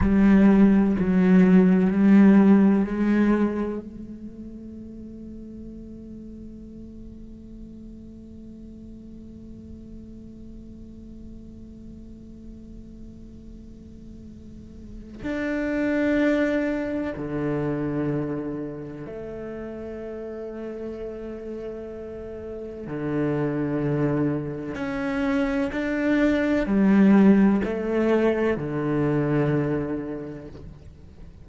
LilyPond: \new Staff \with { instrumentName = "cello" } { \time 4/4 \tempo 4 = 63 g4 fis4 g4 gis4 | a1~ | a1~ | a1 |
d'2 d2 | a1 | d2 cis'4 d'4 | g4 a4 d2 | }